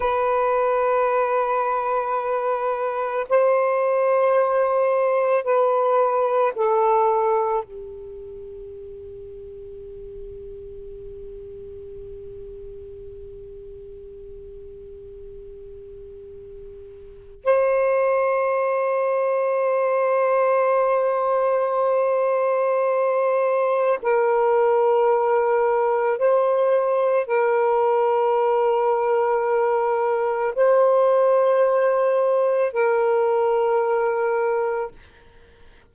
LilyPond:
\new Staff \with { instrumentName = "saxophone" } { \time 4/4 \tempo 4 = 55 b'2. c''4~ | c''4 b'4 a'4 g'4~ | g'1~ | g'1 |
c''1~ | c''2 ais'2 | c''4 ais'2. | c''2 ais'2 | }